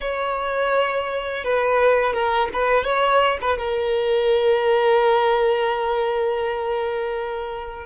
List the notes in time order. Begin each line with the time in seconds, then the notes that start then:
0.01 C#5
1.44 B4
2.13 A#4
2.53 B4
2.84 C#5
3.41 B4
3.57 A#4